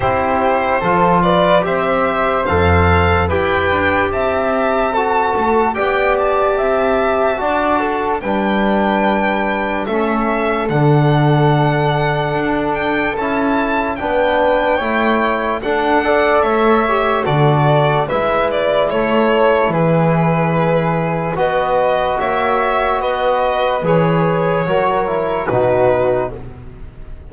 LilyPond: <<
  \new Staff \with { instrumentName = "violin" } { \time 4/4 \tempo 4 = 73 c''4. d''8 e''4 f''4 | g''4 a''2 g''8 a''8~ | a''2 g''2 | e''4 fis''2~ fis''8 g''8 |
a''4 g''2 fis''4 | e''4 d''4 e''8 d''8 cis''4 | b'2 dis''4 e''4 | dis''4 cis''2 b'4 | }
  \new Staff \with { instrumentName = "flute" } { \time 4/4 g'4 a'8 b'8 c''2 | b'4 e''4 a'4 d''4 | e''4 d''8 a'8 b'2 | a'1~ |
a'4 b'4 cis''4 a'8 d''8 | cis''4 a'4 b'4 a'4 | gis'2 b'4 cis''4 | b'2 ais'4 fis'4 | }
  \new Staff \with { instrumentName = "trombone" } { \time 4/4 e'4 f'4 g'4 a'4 | g'2 fis'4 g'4~ | g'4 fis'4 d'2 | cis'4 d'2. |
e'4 d'4 e'4 d'8 a'8~ | a'8 g'8 fis'4 e'2~ | e'2 fis'2~ | fis'4 gis'4 fis'8 e'8 dis'4 | }
  \new Staff \with { instrumentName = "double bass" } { \time 4/4 c'4 f4 c'4 f,4 | e'8 d'8 c'4. a8 b4 | c'4 d'4 g2 | a4 d2 d'4 |
cis'4 b4 a4 d'4 | a4 d4 gis4 a4 | e2 b4 ais4 | b4 e4 fis4 b,4 | }
>>